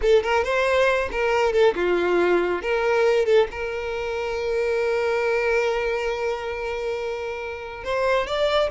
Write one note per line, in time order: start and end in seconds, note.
0.01 0.23 A4
0.23 0.44 A#4
0.44 1.09 C5
1.11 1.52 A#4
1.52 1.74 A4
1.75 2.61 F4
2.61 3.25 A#4
3.25 3.47 A4
3.51 7.84 A#4
7.84 8.26 C5
8.26 8.70 D5